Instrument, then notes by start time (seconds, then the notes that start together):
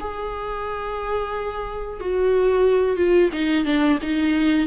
viola
0.00 G#4
2.00 F#4
2.97 F4
3.33 D#4
3.65 D4
4.02 D#4